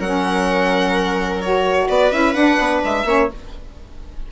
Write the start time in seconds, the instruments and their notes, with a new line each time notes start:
0.00 bassoon F#3, saxophone C#4, viola A#4, violin F#5
1.41 saxophone F#4, violin C#5
1.88 bassoon B3, viola B4, violin D5
2.12 bassoon C#4, saxophone E4, violin E5
2.34 bassoon D4, saxophone D4, violin F#5
2.59 bassoon B3
2.85 bassoon G#3, violin E5
3.05 bassoon A#3, saxophone C#4, viola C#5